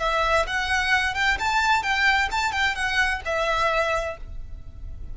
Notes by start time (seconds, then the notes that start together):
0.00 E5
0.47 F#5
1.15 G5
1.40 A5
1.83 G5
2.32 A5
2.52 G5
2.75 F#5
3.25 E5